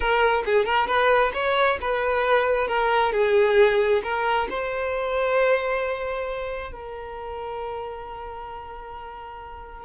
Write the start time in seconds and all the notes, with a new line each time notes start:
0.00 A#4
0.45 G#4
0.65 A#4
0.87 B4
1.33 C#5
1.81 B4
2.67 A#4
3.12 G#4
4.03 A#4
4.49 C5
6.72 A#4